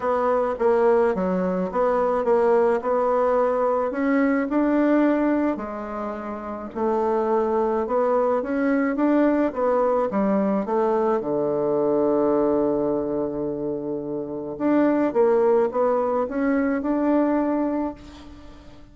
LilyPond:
\new Staff \with { instrumentName = "bassoon" } { \time 4/4 \tempo 4 = 107 b4 ais4 fis4 b4 | ais4 b2 cis'4 | d'2 gis2 | a2 b4 cis'4 |
d'4 b4 g4 a4 | d1~ | d2 d'4 ais4 | b4 cis'4 d'2 | }